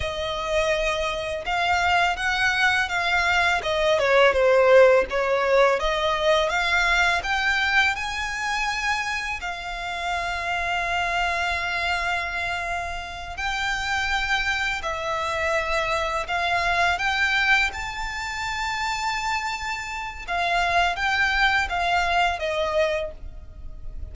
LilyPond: \new Staff \with { instrumentName = "violin" } { \time 4/4 \tempo 4 = 83 dis''2 f''4 fis''4 | f''4 dis''8 cis''8 c''4 cis''4 | dis''4 f''4 g''4 gis''4~ | gis''4 f''2.~ |
f''2~ f''8 g''4.~ | g''8 e''2 f''4 g''8~ | g''8 a''2.~ a''8 | f''4 g''4 f''4 dis''4 | }